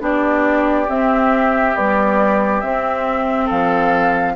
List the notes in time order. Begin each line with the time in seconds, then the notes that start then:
0.00 B3 D4 G4 D5
0.89 C4 E5
1.75 G3 B3 D5
2.61 C4 E5
3.45 F3 A4 F5